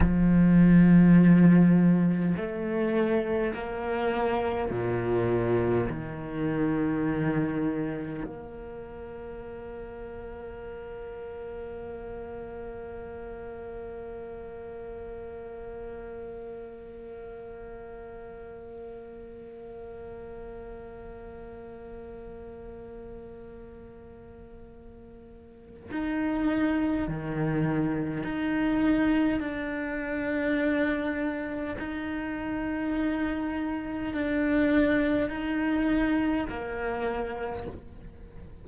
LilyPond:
\new Staff \with { instrumentName = "cello" } { \time 4/4 \tempo 4 = 51 f2 a4 ais4 | ais,4 dis2 ais4~ | ais1~ | ais1~ |
ais1~ | ais2 dis'4 dis4 | dis'4 d'2 dis'4~ | dis'4 d'4 dis'4 ais4 | }